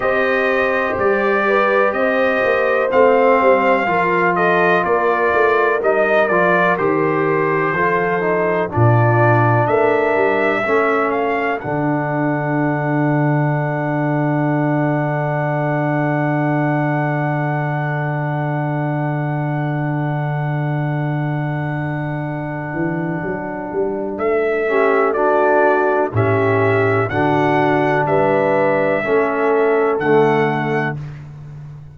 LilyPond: <<
  \new Staff \with { instrumentName = "trumpet" } { \time 4/4 \tempo 4 = 62 dis''4 d''4 dis''4 f''4~ | f''8 dis''8 d''4 dis''8 d''8 c''4~ | c''4 d''4 e''4. f''8 | fis''1~ |
fis''1~ | fis''1~ | fis''4 e''4 d''4 e''4 | fis''4 e''2 fis''4 | }
  \new Staff \with { instrumentName = "horn" } { \time 4/4 c''4. b'8 c''2 | ais'8 a'8 ais'2. | a'4 f'4 ais'4 a'4~ | a'1~ |
a'1~ | a'1~ | a'4. g'8 fis'4 g'4 | fis'4 b'4 a'2 | }
  \new Staff \with { instrumentName = "trombone" } { \time 4/4 g'2. c'4 | f'2 dis'8 f'8 g'4 | f'8 dis'8 d'2 cis'4 | d'1~ |
d'1~ | d'1~ | d'4. cis'8 d'4 cis'4 | d'2 cis'4 a4 | }
  \new Staff \with { instrumentName = "tuba" } { \time 4/4 c'4 g4 c'8 ais8 a8 g8 | f4 ais8 a8 g8 f8 dis4 | f4 ais,4 a8 g8 a4 | d1~ |
d1~ | d2.~ d8 e8 | fis8 g8 a2 a,4 | d4 g4 a4 d4 | }
>>